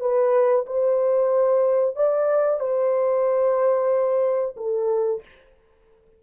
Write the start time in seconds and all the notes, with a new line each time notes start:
0.00 B4
0.66 C5
1.96 D5
2.60 C5
4.57 A4